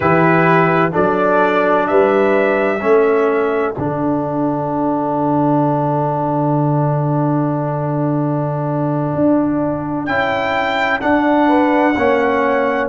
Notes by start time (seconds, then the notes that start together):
0.00 E3 E4 G4 B4
0.91 F#3 D4 A4 D5
1.87 G3 B4 E5
2.80 A3 C#4 A4
3.74 D3 D4 F#5
9.14 D4
10.05 C#4 E4 G5
11.00 D4 F#5
11.47 B4
11.96 A#3 C#4 C#5